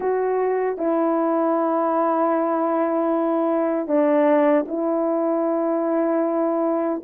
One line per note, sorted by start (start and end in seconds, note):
0.00 0.77 F#4
0.77 3.87 E4
3.87 4.65 D4
4.68 7.01 E4